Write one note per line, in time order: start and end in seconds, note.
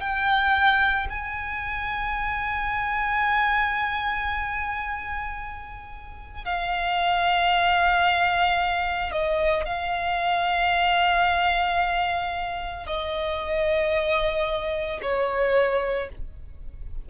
0.00 1.07 G5
1.10 6.45 G#5
6.45 9.12 F5
9.12 9.65 D#5
9.65 12.86 F5
12.86 15.00 D#5
15.02 16.09 C#5